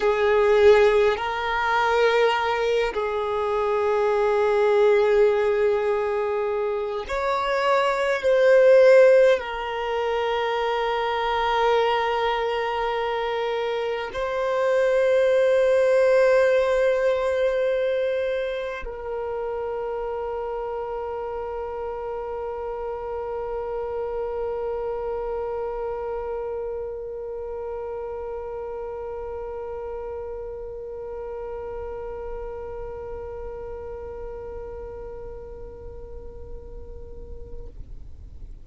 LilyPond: \new Staff \with { instrumentName = "violin" } { \time 4/4 \tempo 4 = 51 gis'4 ais'4. gis'4.~ | gis'2 cis''4 c''4 | ais'1 | c''1 |
ais'1~ | ais'1~ | ais'1~ | ais'1 | }